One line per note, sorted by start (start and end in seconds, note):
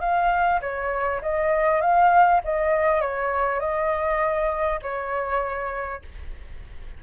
0.00 0.60 F5
0.61 1.21 C#5
1.22 1.81 D#5
1.81 2.41 F5
2.44 3.01 D#5
3.01 3.60 C#5
3.60 4.80 D#5
4.82 6.02 C#5